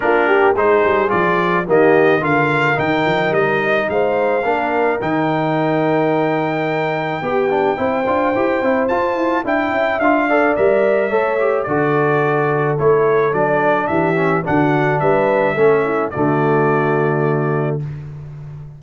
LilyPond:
<<
  \new Staff \with { instrumentName = "trumpet" } { \time 4/4 \tempo 4 = 108 ais'4 c''4 d''4 dis''4 | f''4 g''4 dis''4 f''4~ | f''4 g''2.~ | g''1 |
a''4 g''4 f''4 e''4~ | e''4 d''2 cis''4 | d''4 e''4 fis''4 e''4~ | e''4 d''2. | }
  \new Staff \with { instrumentName = "horn" } { \time 4/4 f'8 g'8 gis'2 g'4 | ais'2. c''4 | ais'1~ | ais'4 g'4 c''2~ |
c''4 e''4. d''4. | cis''4 a'2.~ | a'4 g'4 fis'4 b'4 | a'8 e'8 fis'2. | }
  \new Staff \with { instrumentName = "trombone" } { \time 4/4 d'4 dis'4 f'4 ais4 | f'4 dis'2. | d'4 dis'2.~ | dis'4 g'8 d'8 e'8 f'8 g'8 e'8 |
f'4 e'4 f'8 a'8 ais'4 | a'8 g'8 fis'2 e'4 | d'4. cis'8 d'2 | cis'4 a2. | }
  \new Staff \with { instrumentName = "tuba" } { \time 4/4 ais4 gis8 g8 f4 dis4 | d4 dis8 f8 g4 gis4 | ais4 dis2.~ | dis4 b4 c'8 d'8 e'8 c'8 |
f'8 e'8 d'8 cis'8 d'4 g4 | a4 d2 a4 | fis4 e4 d4 g4 | a4 d2. | }
>>